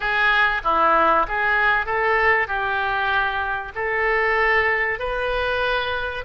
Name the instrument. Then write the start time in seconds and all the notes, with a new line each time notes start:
oboe
0.00 G#4
0.64 E4
1.28 G#4
1.86 A4
2.47 G4
3.75 A4
4.99 B4